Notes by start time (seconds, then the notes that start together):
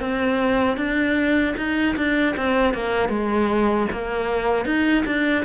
0.00 C4
0.77 D4
1.57 D#4
1.96 D4
2.36 C4
2.73 A#3
3.09 G#3
3.92 A#3
4.65 D#4
5.05 D4